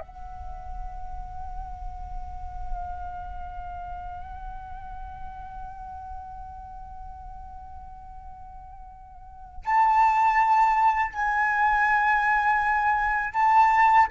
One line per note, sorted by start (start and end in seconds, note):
0.00 9.63 F#5
9.65 11.12 A5
11.12 13.34 G#5
13.34 14.08 A5